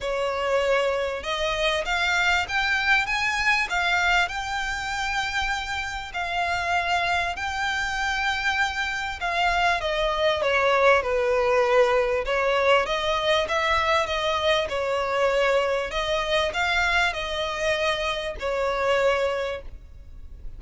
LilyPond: \new Staff \with { instrumentName = "violin" } { \time 4/4 \tempo 4 = 98 cis''2 dis''4 f''4 | g''4 gis''4 f''4 g''4~ | g''2 f''2 | g''2. f''4 |
dis''4 cis''4 b'2 | cis''4 dis''4 e''4 dis''4 | cis''2 dis''4 f''4 | dis''2 cis''2 | }